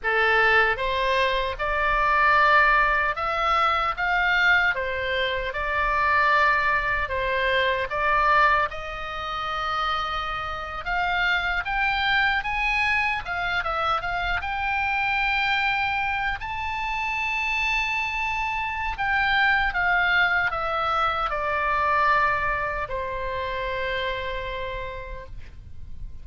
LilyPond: \new Staff \with { instrumentName = "oboe" } { \time 4/4 \tempo 4 = 76 a'4 c''4 d''2 | e''4 f''4 c''4 d''4~ | d''4 c''4 d''4 dis''4~ | dis''4.~ dis''16 f''4 g''4 gis''16~ |
gis''8. f''8 e''8 f''8 g''4.~ g''16~ | g''8. a''2.~ a''16 | g''4 f''4 e''4 d''4~ | d''4 c''2. | }